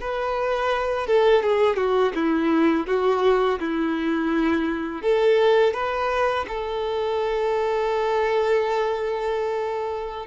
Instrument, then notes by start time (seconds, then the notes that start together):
violin
0.00 B4
1.06 A4
1.43 G#4
1.76 F#4
2.14 E4
2.87 F#4
3.59 E4
5.02 A4
5.73 B4
6.48 A4